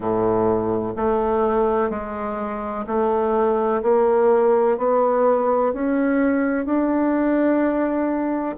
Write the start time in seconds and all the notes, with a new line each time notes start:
0.00 A2
0.96 A3
1.90 G#3
2.86 A3
3.82 A#3
4.77 B3
5.73 C#4
6.65 D4